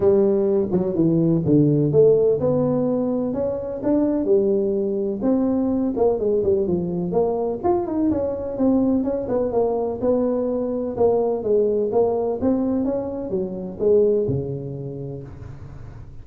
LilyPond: \new Staff \with { instrumentName = "tuba" } { \time 4/4 \tempo 4 = 126 g4. fis8 e4 d4 | a4 b2 cis'4 | d'4 g2 c'4~ | c'8 ais8 gis8 g8 f4 ais4 |
f'8 dis'8 cis'4 c'4 cis'8 b8 | ais4 b2 ais4 | gis4 ais4 c'4 cis'4 | fis4 gis4 cis2 | }